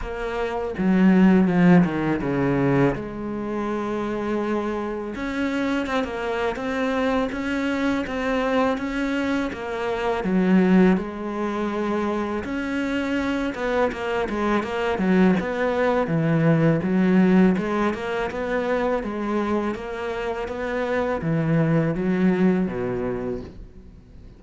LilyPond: \new Staff \with { instrumentName = "cello" } { \time 4/4 \tempo 4 = 82 ais4 fis4 f8 dis8 cis4 | gis2. cis'4 | c'16 ais8. c'4 cis'4 c'4 | cis'4 ais4 fis4 gis4~ |
gis4 cis'4. b8 ais8 gis8 | ais8 fis8 b4 e4 fis4 | gis8 ais8 b4 gis4 ais4 | b4 e4 fis4 b,4 | }